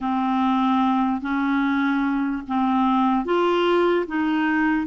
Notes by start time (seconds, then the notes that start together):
0.00 C4
1.21 C#4
2.47 C4
3.25 F4
4.07 D#4